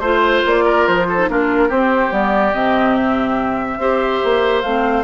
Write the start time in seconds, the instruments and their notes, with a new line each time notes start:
0.00 bassoon A3, clarinet F4, flute C5, oboe C5
0.46 bassoon A#3, flute D5
0.65 oboe A#4
0.87 bassoon F3, flute C5
1.09 oboe A4
1.18 clarinet D#4
1.29 bassoon A#3, clarinet D4, oboe F4, flute A#4
1.69 clarinet C4, bassoon C4, oboe G4, flute C5
2.10 bassoon G3, clarinet B3, flute D5
2.53 bassoon C3, clarinet C4, flute D#5
2.96 flute E5
3.78 bassoon C4, clarinet G4, oboe C5
4.24 bassoon A#3
4.62 bassoon A3, clarinet C4, flute F5